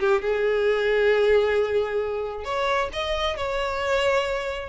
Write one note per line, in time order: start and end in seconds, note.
0.00 0.22 G4
0.22 2.45 G#4
2.45 2.90 C#5
2.93 3.37 D#5
3.37 4.70 C#5